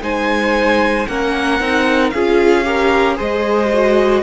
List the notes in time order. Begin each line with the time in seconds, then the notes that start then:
0.00 G#3 D#4 C5 G#5
1.07 A#3 C#4 A#4 F#5
1.59 C4 D#4
2.10 C#4 F4 G#4 F5
2.64 G4 A#4
3.15 G#3 G#4 C5 D#5
3.73 F#4